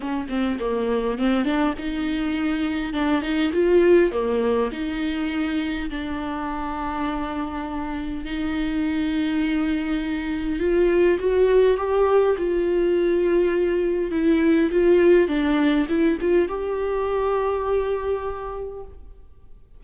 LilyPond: \new Staff \with { instrumentName = "viola" } { \time 4/4 \tempo 4 = 102 cis'8 c'8 ais4 c'8 d'8 dis'4~ | dis'4 d'8 dis'8 f'4 ais4 | dis'2 d'2~ | d'2 dis'2~ |
dis'2 f'4 fis'4 | g'4 f'2. | e'4 f'4 d'4 e'8 f'8 | g'1 | }